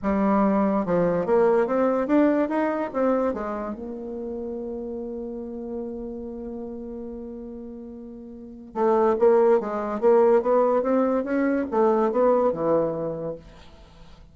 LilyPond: \new Staff \with { instrumentName = "bassoon" } { \time 4/4 \tempo 4 = 144 g2 f4 ais4 | c'4 d'4 dis'4 c'4 | gis4 ais2.~ | ais1~ |
ais1~ | ais4 a4 ais4 gis4 | ais4 b4 c'4 cis'4 | a4 b4 e2 | }